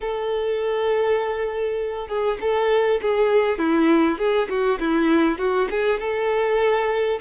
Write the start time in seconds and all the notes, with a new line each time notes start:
0.00 A4
2.08 G#4
2.40 A4
3.01 G#4
3.58 E4
4.18 G#4
4.49 F#4
4.79 E4
5.38 F#4
5.70 G#4
5.99 A4